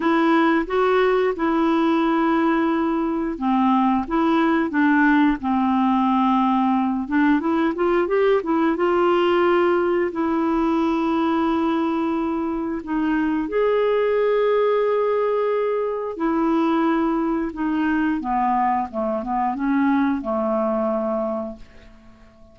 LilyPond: \new Staff \with { instrumentName = "clarinet" } { \time 4/4 \tempo 4 = 89 e'4 fis'4 e'2~ | e'4 c'4 e'4 d'4 | c'2~ c'8 d'8 e'8 f'8 | g'8 e'8 f'2 e'4~ |
e'2. dis'4 | gis'1 | e'2 dis'4 b4 | a8 b8 cis'4 a2 | }